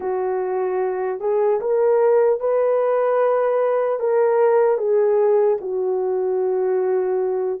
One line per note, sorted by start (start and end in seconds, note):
0.00 1.20 F#4
1.20 1.60 G#4
1.60 2.40 A#4
2.40 3.99 B4
3.99 4.77 A#4
4.77 5.57 G#4
5.60 7.60 F#4